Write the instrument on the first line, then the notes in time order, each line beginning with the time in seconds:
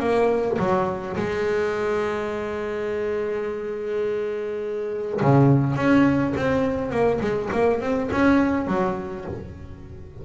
double bass
0.00 A#3
0.59 F#3
1.17 G#3
5.22 C#3
5.76 C#4
6.36 C4
6.91 A#3
7.21 G#3
7.53 A#3
7.81 C4
8.12 C#4
8.67 F#3